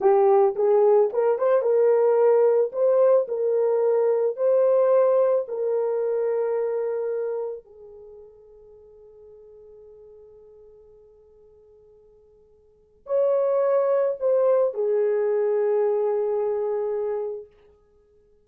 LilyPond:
\new Staff \with { instrumentName = "horn" } { \time 4/4 \tempo 4 = 110 g'4 gis'4 ais'8 c''8 ais'4~ | ais'4 c''4 ais'2 | c''2 ais'2~ | ais'2 gis'2~ |
gis'1~ | gis'1 | cis''2 c''4 gis'4~ | gis'1 | }